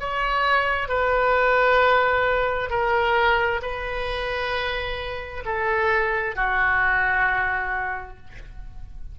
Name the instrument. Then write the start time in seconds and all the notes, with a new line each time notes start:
oboe
0.00 C#5
0.88 B4
2.70 A#4
3.62 B4
5.45 A4
6.36 F#4